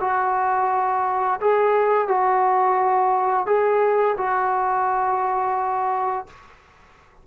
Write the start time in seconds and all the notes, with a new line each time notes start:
0.00 F#4
1.40 G#4
2.07 F#4
3.46 G#4
4.17 F#4